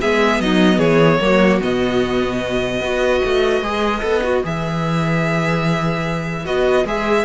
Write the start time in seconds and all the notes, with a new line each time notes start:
0.00 G#3 B3 G#4 E5
0.40 F#3 D#4 D#5
0.77 E3 G#4 C#5
1.20 F#3 A#3 F#4
1.60 B2 B3 D#5
2.80 B3 F#4 B4
3.24 A3
3.61 G#3 G#4
4.02 B3 A4
4.23 F#4
4.43 E3 G#4 E5
6.45 B3 F#4 D#5
6.84 G#3 G#4 E5